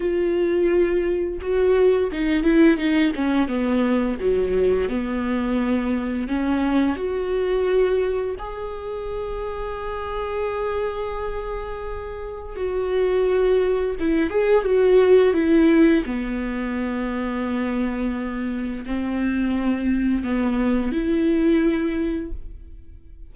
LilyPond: \new Staff \with { instrumentName = "viola" } { \time 4/4 \tempo 4 = 86 f'2 fis'4 dis'8 e'8 | dis'8 cis'8 b4 fis4 b4~ | b4 cis'4 fis'2 | gis'1~ |
gis'2 fis'2 | e'8 gis'8 fis'4 e'4 b4~ | b2. c'4~ | c'4 b4 e'2 | }